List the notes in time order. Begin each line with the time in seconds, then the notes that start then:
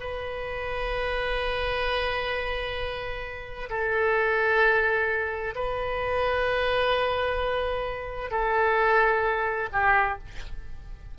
0.00 B4
3.70 A4
5.55 B4
8.31 A4
9.72 G4